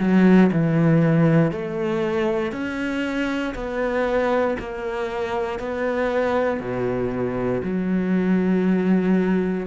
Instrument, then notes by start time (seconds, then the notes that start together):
cello
0.00 F#3
0.52 E3
1.52 A3
2.52 C#4
3.55 B3
4.59 A#3
5.60 B3
6.60 B2
7.64 F#3